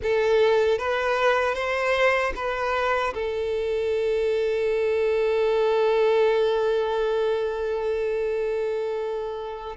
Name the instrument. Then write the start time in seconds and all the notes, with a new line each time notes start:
violin
0.02 A4
0.78 B4
1.54 C5
2.36 B4
3.13 A4